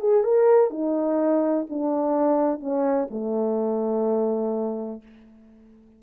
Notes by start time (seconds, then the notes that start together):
0.00 G#4
0.24 A#4
0.70 D#4
1.70 D4
2.60 C#4
3.11 A3